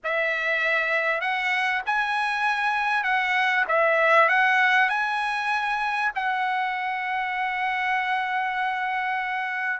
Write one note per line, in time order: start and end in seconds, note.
0.03 1.20 E5
1.20 1.81 F#5
1.86 3.03 G#5
3.03 3.64 F#5
3.68 4.29 E5
4.29 4.89 F#5
4.89 6.11 G#5
6.15 9.80 F#5